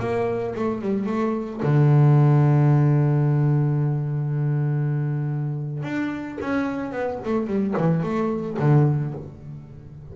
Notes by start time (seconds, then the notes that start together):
0.00 A#3
0.56 A3
0.82 G3
1.07 A3
1.63 D3
5.84 D4
6.41 C#4
6.92 B3
7.25 A3
7.48 G3
7.78 E3
8.04 A3
8.60 D3